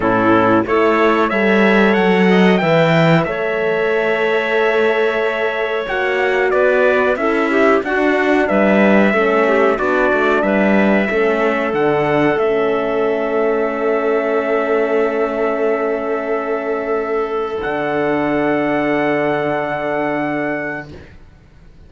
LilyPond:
<<
  \new Staff \with { instrumentName = "trumpet" } { \time 4/4 \tempo 4 = 92 a'4 cis''4 e''4 fis''4 | g''4 e''2.~ | e''4 fis''4 d''4 e''4 | fis''4 e''2 d''4 |
e''2 fis''4 e''4~ | e''1~ | e''2. fis''4~ | fis''1 | }
  \new Staff \with { instrumentName = "clarinet" } { \time 4/4 e'4 a'4 cis''4. dis''8 | e''4 cis''2.~ | cis''2 b'4 a'8 g'8 | fis'4 b'4 a'8 g'8 fis'4 |
b'4 a'2.~ | a'1~ | a'1~ | a'1 | }
  \new Staff \with { instrumentName = "horn" } { \time 4/4 cis'4 e'4 a'2 | b'4 a'2.~ | a'4 fis'2 e'4 | d'2 cis'4 d'4~ |
d'4 cis'4 d'4 cis'4~ | cis'1~ | cis'2. d'4~ | d'1 | }
  \new Staff \with { instrumentName = "cello" } { \time 4/4 a,4 a4 g4 fis4 | e4 a2.~ | a4 ais4 b4 cis'4 | d'4 g4 a4 b8 a8 |
g4 a4 d4 a4~ | a1~ | a2. d4~ | d1 | }
>>